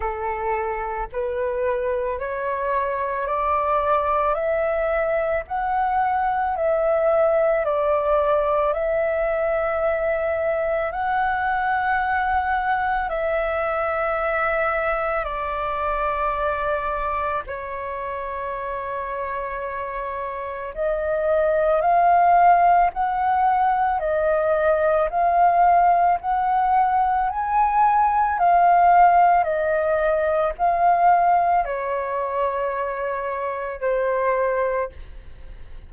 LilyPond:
\new Staff \with { instrumentName = "flute" } { \time 4/4 \tempo 4 = 55 a'4 b'4 cis''4 d''4 | e''4 fis''4 e''4 d''4 | e''2 fis''2 | e''2 d''2 |
cis''2. dis''4 | f''4 fis''4 dis''4 f''4 | fis''4 gis''4 f''4 dis''4 | f''4 cis''2 c''4 | }